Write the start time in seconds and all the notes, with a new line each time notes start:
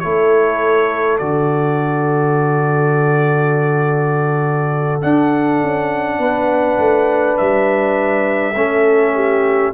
0.00 A3 E4 A4 C#5
1.18 D3 F#4 D5
5.01 D4 F#5
5.63 C#4
6.19 B3 B4
6.78 A3
7.38 G3 E5
8.55 A3 C#4 A4
9.15 G4